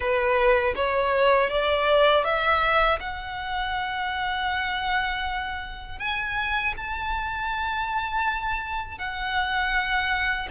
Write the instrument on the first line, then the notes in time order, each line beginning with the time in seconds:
violin
0.00 B4
0.75 C#5
1.50 D5
2.24 E5
3.00 F#5
5.98 G#5
6.77 A5
8.98 F#5